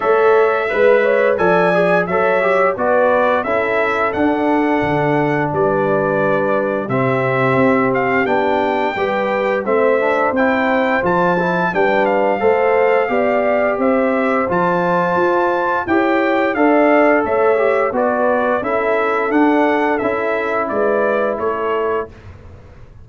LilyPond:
<<
  \new Staff \with { instrumentName = "trumpet" } { \time 4/4 \tempo 4 = 87 e''2 gis''4 e''4 | d''4 e''4 fis''2 | d''2 e''4. f''8 | g''2 e''4 g''4 |
a''4 g''8 f''2~ f''8 | e''4 a''2 g''4 | f''4 e''4 d''4 e''4 | fis''4 e''4 d''4 cis''4 | }
  \new Staff \with { instrumentName = "horn" } { \time 4/4 cis''4 b'8 cis''8 d''4 cis''4 | b'4 a'2. | b'2 g'2~ | g'4 b'4 c''2~ |
c''4 b'4 c''4 d''4 | c''2. cis''4 | d''4 cis''4 b'4 a'4~ | a'2 b'4 a'4 | }
  \new Staff \with { instrumentName = "trombone" } { \time 4/4 a'4 b'4 a'8 gis'8 a'8 g'8 | fis'4 e'4 d'2~ | d'2 c'2 | d'4 g'4 c'8 d'8 e'4 |
f'8 e'8 d'4 a'4 g'4~ | g'4 f'2 g'4 | a'4. g'8 fis'4 e'4 | d'4 e'2. | }
  \new Staff \with { instrumentName = "tuba" } { \time 4/4 a4 gis4 f4 fis4 | b4 cis'4 d'4 d4 | g2 c4 c'4 | b4 g4 a4 c'4 |
f4 g4 a4 b4 | c'4 f4 f'4 e'4 | d'4 a4 b4 cis'4 | d'4 cis'4 gis4 a4 | }
>>